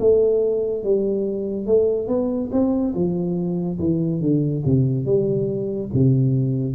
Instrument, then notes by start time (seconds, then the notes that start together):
tuba
0.00 A3
0.84 G3
1.67 A3
2.08 B3
2.52 C4
2.95 F3
3.80 E3
4.21 D3
4.66 C3
5.06 G3
5.94 C3